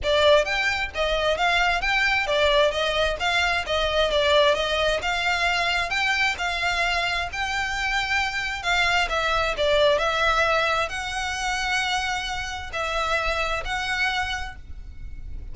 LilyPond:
\new Staff \with { instrumentName = "violin" } { \time 4/4 \tempo 4 = 132 d''4 g''4 dis''4 f''4 | g''4 d''4 dis''4 f''4 | dis''4 d''4 dis''4 f''4~ | f''4 g''4 f''2 |
g''2. f''4 | e''4 d''4 e''2 | fis''1 | e''2 fis''2 | }